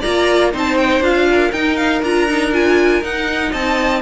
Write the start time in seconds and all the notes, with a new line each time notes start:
0.00 A#3 F4 D5 A#5
0.53 C4 D#4 C5 A5
0.77 G5
1.01 D4 F4 F5
1.30 A#4
1.52 D#4 G5
1.76 F5
2.02 D4 F4 A#5
2.29 D#4
2.52 F4 G#5
3.02 D#4 F#5
3.51 C4 D#5 A5